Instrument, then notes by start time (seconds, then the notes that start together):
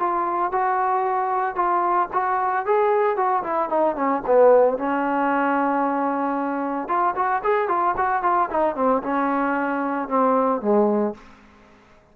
trombone
0.00 F4
0.52 F#4
1.56 F4
2.13 F#4
2.66 G#4
3.17 F#4
3.44 E4
3.70 D#4
3.96 C#4
4.27 B3
4.78 C#4
6.89 F4
7.16 F#4
7.44 G#4
7.69 F4
7.98 F#4
8.23 F4
8.51 D#4
8.76 C4
9.03 C#4
10.09 C4
10.62 G#3